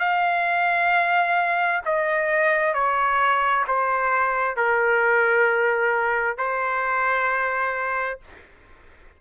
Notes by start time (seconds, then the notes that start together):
0.00 F5
1.86 D#5
2.74 C#5
3.68 C5
4.57 A#4
6.38 C5